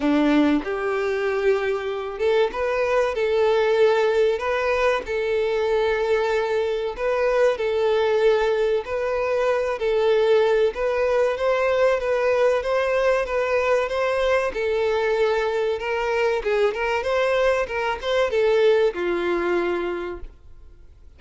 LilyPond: \new Staff \with { instrumentName = "violin" } { \time 4/4 \tempo 4 = 95 d'4 g'2~ g'8 a'8 | b'4 a'2 b'4 | a'2. b'4 | a'2 b'4. a'8~ |
a'4 b'4 c''4 b'4 | c''4 b'4 c''4 a'4~ | a'4 ais'4 gis'8 ais'8 c''4 | ais'8 c''8 a'4 f'2 | }